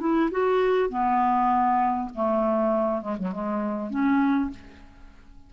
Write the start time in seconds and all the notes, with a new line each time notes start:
0.00 E4
0.31 F#4
0.90 B3
2.15 A3
3.02 G#3
3.18 F#3
3.32 G#3
3.91 C#4